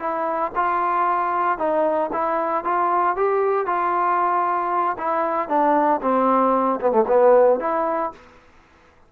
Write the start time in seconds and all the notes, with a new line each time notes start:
0.00 E4
0.56 F4
1.58 D#4
2.13 E4
2.65 F4
3.16 G4
3.67 F4
4.98 E4
5.49 D4
6.02 C4
6.81 B3
6.92 A3
7.08 B3
7.60 E4